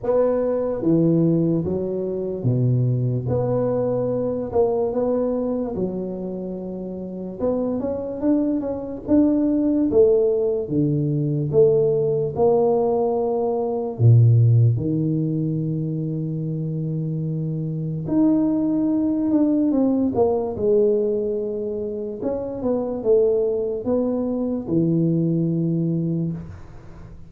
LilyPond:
\new Staff \with { instrumentName = "tuba" } { \time 4/4 \tempo 4 = 73 b4 e4 fis4 b,4 | b4. ais8 b4 fis4~ | fis4 b8 cis'8 d'8 cis'8 d'4 | a4 d4 a4 ais4~ |
ais4 ais,4 dis2~ | dis2 dis'4. d'8 | c'8 ais8 gis2 cis'8 b8 | a4 b4 e2 | }